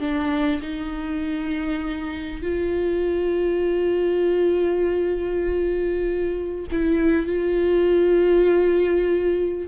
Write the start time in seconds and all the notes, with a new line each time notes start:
0.00 D4
0.61 D#4
2.42 F4
6.72 E4
7.26 F4